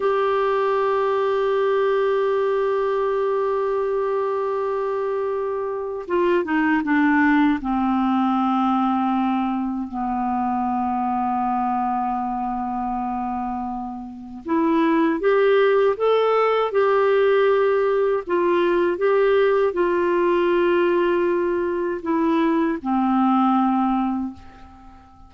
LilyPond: \new Staff \with { instrumentName = "clarinet" } { \time 4/4 \tempo 4 = 79 g'1~ | g'1 | f'8 dis'8 d'4 c'2~ | c'4 b2.~ |
b2. e'4 | g'4 a'4 g'2 | f'4 g'4 f'2~ | f'4 e'4 c'2 | }